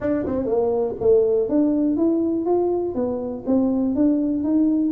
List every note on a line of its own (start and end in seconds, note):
0.00 0.25 D4
0.26 0.45 C4
0.45 0.95 A#3
1.00 1.48 A3
1.48 1.96 D4
1.96 2.45 E4
2.45 2.94 F4
2.94 3.44 B3
3.46 3.95 C4
3.95 4.43 D4
4.43 4.92 D#4